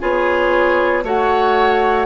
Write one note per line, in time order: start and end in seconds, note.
0.00 1.04 B3
0.00 1.03 F4
0.00 1.04 G#4
0.00 1.05 C#5
1.04 2.06 A3
1.04 2.06 F#4
1.04 2.06 C#5
1.04 2.06 F#5